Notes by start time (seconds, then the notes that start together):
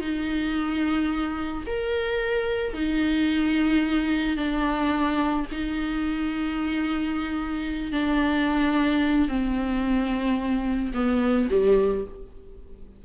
0.00 D#4
1.66 A#4
2.73 D#4
4.36 D4
5.51 D#4
7.92 D4
9.28 C4
10.94 B3
11.50 G3